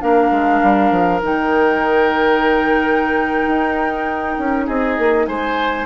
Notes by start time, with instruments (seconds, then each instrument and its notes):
0.00 bassoon A#3, clarinet D4, oboe A#4, flute F5
0.30 bassoon G#3
0.62 bassoon G3
0.90 bassoon F3
1.22 bassoon D#3, clarinet D#4, flute G5
3.46 bassoon D#4
4.38 bassoon C#4
4.66 bassoon C4, oboe G#4, flute D#5
4.98 bassoon A#3
5.26 bassoon G#3, oboe C5, flute G#5